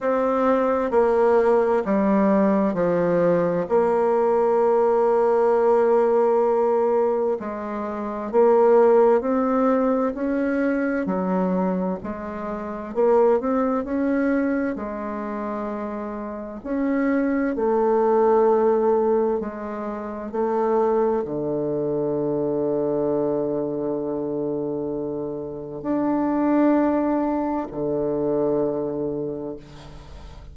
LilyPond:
\new Staff \with { instrumentName = "bassoon" } { \time 4/4 \tempo 4 = 65 c'4 ais4 g4 f4 | ais1 | gis4 ais4 c'4 cis'4 | fis4 gis4 ais8 c'8 cis'4 |
gis2 cis'4 a4~ | a4 gis4 a4 d4~ | d1 | d'2 d2 | }